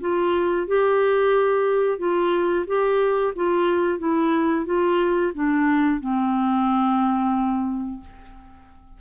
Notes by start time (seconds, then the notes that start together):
0.00 F4
0.67 G4
1.98 F4
2.67 G4
3.35 F4
3.98 E4
4.65 F4
5.34 D4
6.00 C4